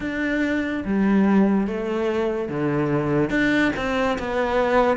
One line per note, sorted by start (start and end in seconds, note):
0.00 0.83 D4
0.84 1.67 G3
1.67 2.48 A3
2.48 3.30 D3
3.30 3.71 D4
3.76 4.17 C4
4.19 4.97 B3